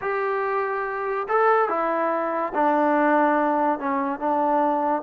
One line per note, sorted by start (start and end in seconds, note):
0.01 1.27 G4
1.28 1.69 A4
1.69 2.53 E4
2.54 3.79 D4
3.79 4.19 C#4
4.19 5.02 D4